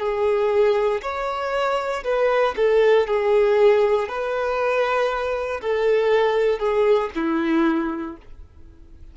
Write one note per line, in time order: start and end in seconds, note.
0.00 1.02 G#4
1.02 2.04 C#5
2.04 2.55 B4
2.57 3.07 A4
3.07 4.09 G#4
4.09 5.61 B4
5.62 6.60 A4
6.60 7.10 G#4
7.16 8.17 E4